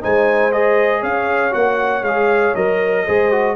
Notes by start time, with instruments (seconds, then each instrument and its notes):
0.00 tuba G#3, trombone D#4, horn C5, trumpet G#5
0.52 trombone G#4, trumpet D#5
1.00 tuba C#4, horn C#5, trumpet F5
1.51 tuba A#3, trombone F#4, trumpet F#5
2.02 tuba G#3, trombone G#4, trumpet F5
2.55 tuba F#3, trombone A#4, trumpet D#5
3.05 tuba G#3, trombone G#4, horn C5
3.31 trombone F#4